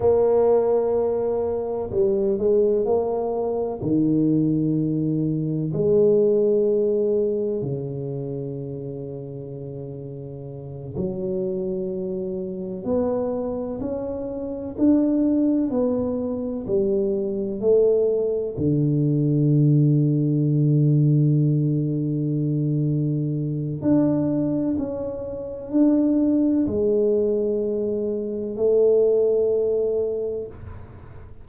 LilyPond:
\new Staff \with { instrumentName = "tuba" } { \time 4/4 \tempo 4 = 63 ais2 g8 gis8 ais4 | dis2 gis2 | cis2.~ cis8 fis8~ | fis4. b4 cis'4 d'8~ |
d'8 b4 g4 a4 d8~ | d1~ | d4 d'4 cis'4 d'4 | gis2 a2 | }